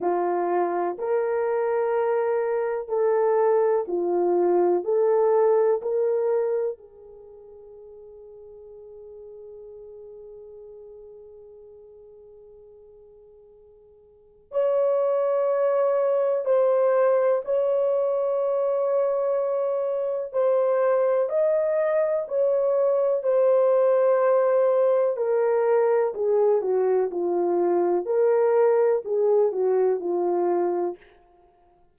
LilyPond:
\new Staff \with { instrumentName = "horn" } { \time 4/4 \tempo 4 = 62 f'4 ais'2 a'4 | f'4 a'4 ais'4 gis'4~ | gis'1~ | gis'2. cis''4~ |
cis''4 c''4 cis''2~ | cis''4 c''4 dis''4 cis''4 | c''2 ais'4 gis'8 fis'8 | f'4 ais'4 gis'8 fis'8 f'4 | }